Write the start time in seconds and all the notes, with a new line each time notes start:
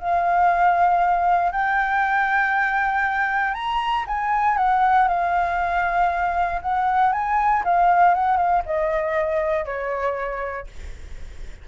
0.00 F5
1.53 G5
3.54 A#5
4.07 G#5
4.58 F#5
5.08 F5
6.62 F#5
7.13 G#5
7.65 F5
8.14 F#5
8.37 F5
8.66 D#5
9.65 C#5